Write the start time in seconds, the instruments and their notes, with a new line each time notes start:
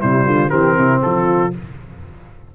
0.00 tuba C3, trombone G3, horn E4, trumpet C5
0.25 tuba D3, horn F4
0.49 tuba E3, trombone C4, horn G4, trumpet A#4
0.76 tuba C3, horn E4
1.02 tuba F3, horn F4, trumpet A4